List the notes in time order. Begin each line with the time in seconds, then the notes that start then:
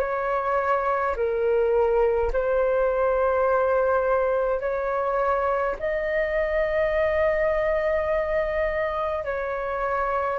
0.00 C#5
1.16 A#4
2.33 C5
4.60 C#5
5.80 D#5
9.25 C#5